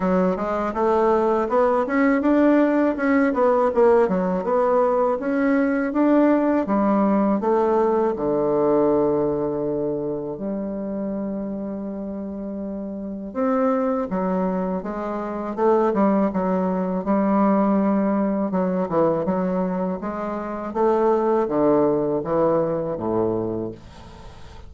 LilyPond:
\new Staff \with { instrumentName = "bassoon" } { \time 4/4 \tempo 4 = 81 fis8 gis8 a4 b8 cis'8 d'4 | cis'8 b8 ais8 fis8 b4 cis'4 | d'4 g4 a4 d4~ | d2 g2~ |
g2 c'4 fis4 | gis4 a8 g8 fis4 g4~ | g4 fis8 e8 fis4 gis4 | a4 d4 e4 a,4 | }